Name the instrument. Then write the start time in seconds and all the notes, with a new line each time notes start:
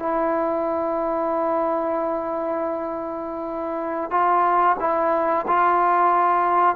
trombone
0.00 E4
4.11 F4
4.80 E4
5.48 F4